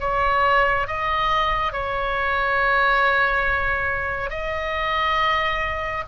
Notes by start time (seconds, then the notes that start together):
0.00 C#5
0.87 D#5
1.72 C#5
4.30 D#5